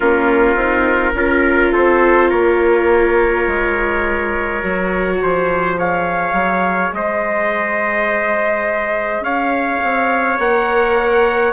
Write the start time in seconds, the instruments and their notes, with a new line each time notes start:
0.00 bassoon A#3, viola C#4, trumpet F4 A#4
0.55 bassoon C4, viola D#4
1.13 bassoon C#4, viola F4, trumpet A#4
1.72 bassoon C4, trumpet A4 C5
2.28 bassoon A#3, trumpet A#4 C#5
3.47 bassoon G#3
4.61 bassoon F#3, viola F#4
5.22 bassoon F3, trumpet C5
5.77 viola G#4, trumpet C#5 F5
6.32 bassoon F#3
6.92 bassoon G#3, trumpet C5 D#5
9.20 bassoon C#4, trumpet C#5 F5
9.83 bassoon C4
10.38 bassoon A#3, viola A#4, trumpet F#5